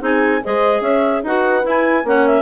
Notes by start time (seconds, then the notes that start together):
0.00 C4 D#4 G#4 G#5
0.43 G#3 G#4 C5 D#5
0.81 C#4 C#5 E5
1.23 D#4 F#4 B4 F#5
1.62 E4 G#5
2.04 A#3 C#4 C#5 F#5
2.27 E5